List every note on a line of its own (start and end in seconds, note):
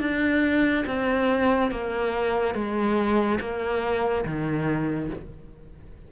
0.00 0.85 D4
0.87 1.71 C4
1.71 2.55 A#3
2.55 3.39 G#3
3.40 4.25 A#3
4.25 5.10 D#3